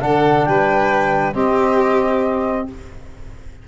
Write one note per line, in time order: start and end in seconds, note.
0.00 0.46 D3
0.00 1.33 D4
0.00 0.48 A4
0.00 0.45 F#5
0.45 1.34 G3
0.45 1.33 B4
0.45 1.34 G5
1.33 2.67 C4
1.33 2.68 C4
1.33 2.67 G4
1.33 2.68 D#5